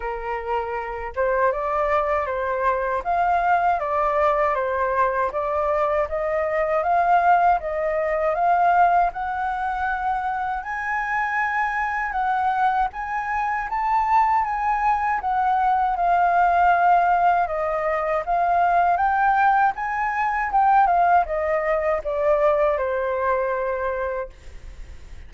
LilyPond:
\new Staff \with { instrumentName = "flute" } { \time 4/4 \tempo 4 = 79 ais'4. c''8 d''4 c''4 | f''4 d''4 c''4 d''4 | dis''4 f''4 dis''4 f''4 | fis''2 gis''2 |
fis''4 gis''4 a''4 gis''4 | fis''4 f''2 dis''4 | f''4 g''4 gis''4 g''8 f''8 | dis''4 d''4 c''2 | }